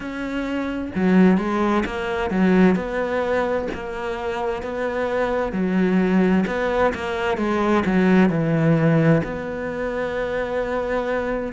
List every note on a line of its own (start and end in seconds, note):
0.00 0.91 C#4
0.95 1.37 F#3
1.37 1.83 G#3
1.85 2.30 A#3
2.30 2.75 F#3
2.75 3.68 B3
3.73 4.62 A#3
4.62 5.52 B3
5.52 6.44 F#3
6.47 6.93 B3
6.94 7.37 A#3
7.37 7.83 G#3
7.85 8.29 F#3
8.29 9.21 E3
9.23 11.53 B3